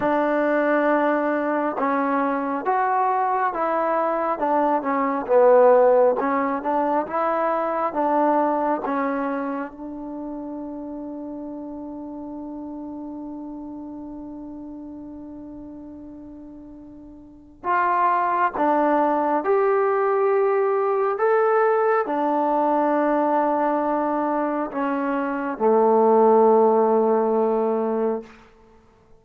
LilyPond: \new Staff \with { instrumentName = "trombone" } { \time 4/4 \tempo 4 = 68 d'2 cis'4 fis'4 | e'4 d'8 cis'8 b4 cis'8 d'8 | e'4 d'4 cis'4 d'4~ | d'1~ |
d'1 | f'4 d'4 g'2 | a'4 d'2. | cis'4 a2. | }